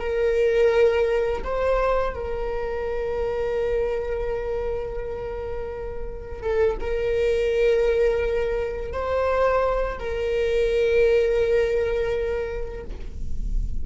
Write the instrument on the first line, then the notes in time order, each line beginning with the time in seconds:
viola
0.00 A#4
1.44 C5
2.15 A#4
6.43 A4
6.80 A#4
8.93 C5
9.99 A#4